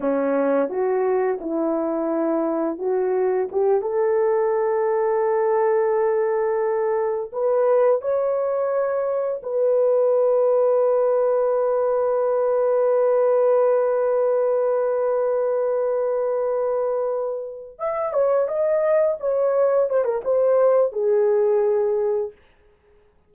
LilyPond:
\new Staff \with { instrumentName = "horn" } { \time 4/4 \tempo 4 = 86 cis'4 fis'4 e'2 | fis'4 g'8 a'2~ a'8~ | a'2~ a'8 b'4 cis''8~ | cis''4. b'2~ b'8~ |
b'1~ | b'1~ | b'4. e''8 cis''8 dis''4 cis''8~ | cis''8 c''16 ais'16 c''4 gis'2 | }